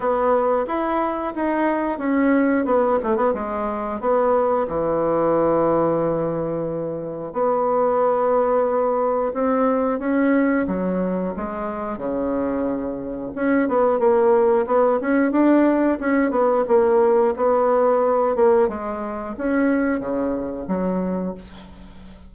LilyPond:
\new Staff \with { instrumentName = "bassoon" } { \time 4/4 \tempo 4 = 90 b4 e'4 dis'4 cis'4 | b8 a16 b16 gis4 b4 e4~ | e2. b4~ | b2 c'4 cis'4 |
fis4 gis4 cis2 | cis'8 b8 ais4 b8 cis'8 d'4 | cis'8 b8 ais4 b4. ais8 | gis4 cis'4 cis4 fis4 | }